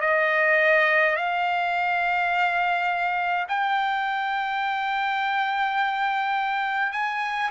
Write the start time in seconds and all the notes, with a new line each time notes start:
0.00 D#5
1.15 F5
3.48 G5
6.92 G#5